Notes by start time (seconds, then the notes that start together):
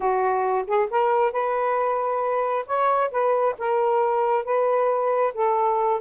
0.00 F#4
0.67 G#4
0.90 A#4
1.32 B4
2.66 C#5
3.11 B4
3.58 A#4
4.44 B4
5.34 A4